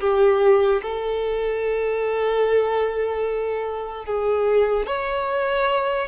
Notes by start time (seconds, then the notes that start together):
0.00 G4
0.82 A4
4.05 G#4
4.86 C#5